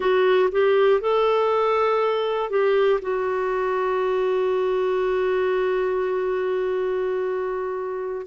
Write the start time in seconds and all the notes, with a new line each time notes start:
0.00 F#4
0.51 G4
1.00 A4
2.50 G4
3.01 F#4